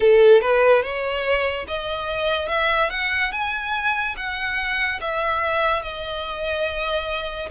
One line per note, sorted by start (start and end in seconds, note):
0.00 0.41 A4
0.41 0.83 B4
0.83 1.66 C#5
1.67 2.48 D#5
2.48 2.89 E5
2.90 3.31 F#5
3.31 4.15 G#5
4.16 5.00 F#5
5.00 5.82 E5
5.82 7.49 D#5